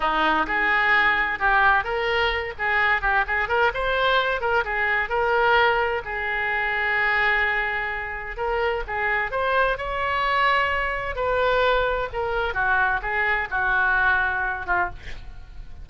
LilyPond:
\new Staff \with { instrumentName = "oboe" } { \time 4/4 \tempo 4 = 129 dis'4 gis'2 g'4 | ais'4. gis'4 g'8 gis'8 ais'8 | c''4. ais'8 gis'4 ais'4~ | ais'4 gis'2.~ |
gis'2 ais'4 gis'4 | c''4 cis''2. | b'2 ais'4 fis'4 | gis'4 fis'2~ fis'8 f'8 | }